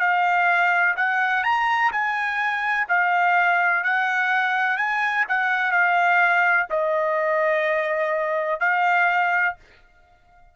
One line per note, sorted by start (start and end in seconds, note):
0.00 0.95 F5
0.97 1.44 F#5
1.44 1.91 A#5
1.92 2.87 G#5
2.89 3.84 F5
3.84 4.77 F#5
4.77 5.25 G#5
5.29 5.72 F#5
5.72 6.67 F5
6.70 8.60 D#5
8.60 9.55 F5